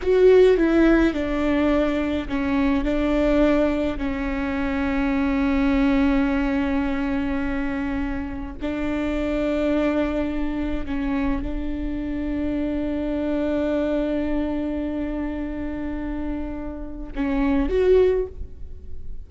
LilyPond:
\new Staff \with { instrumentName = "viola" } { \time 4/4 \tempo 4 = 105 fis'4 e'4 d'2 | cis'4 d'2 cis'4~ | cis'1~ | cis'2. d'4~ |
d'2. cis'4 | d'1~ | d'1~ | d'2 cis'4 fis'4 | }